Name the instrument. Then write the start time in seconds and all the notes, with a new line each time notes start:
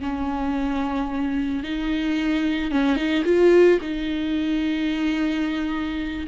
viola
0.00 C#4
1.63 D#4
2.71 C#4
2.96 D#4
3.25 F4
3.81 D#4